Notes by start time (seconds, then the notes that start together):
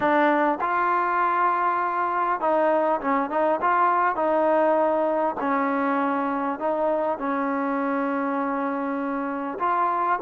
0.00 D4
0.60 F4
2.40 D#4
3.00 C#4
3.30 D#4
3.61 F4
4.15 D#4
5.40 C#4
6.59 D#4
7.18 C#4
9.59 F4